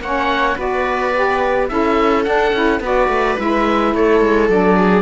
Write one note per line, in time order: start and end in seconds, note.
0.00 0.56 A#3
0.00 0.56 C#4
0.00 0.56 C#5
0.00 0.58 F#5
0.56 1.70 B3
0.56 1.12 F#4
0.56 1.68 B4
0.56 1.69 D5
1.15 1.68 G4
1.68 2.27 C#4
1.68 2.24 E4
1.68 2.82 A4
1.68 2.24 E5
2.24 2.53 D4
2.24 2.80 F#5
2.53 2.80 C#4
2.53 2.82 E4
2.80 3.08 B3
2.80 3.38 F#4
2.80 3.95 B4
2.80 3.39 D5
3.08 3.36 A3
3.38 3.94 G#3
3.38 4.50 E4
3.38 3.94 E5
3.94 4.21 A3
3.94 4.77 A4
3.94 4.49 C#5
4.21 4.49 G#3
4.49 5.02 F#3
4.49 5.02 D4
4.49 5.02 D5
4.77 5.02 G#4